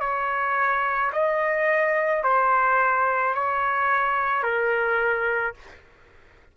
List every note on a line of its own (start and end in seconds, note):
0.00 1.11 C#5
1.12 2.23 D#5
2.23 3.34 C5
3.34 4.42 C#5
4.42 5.54 A#4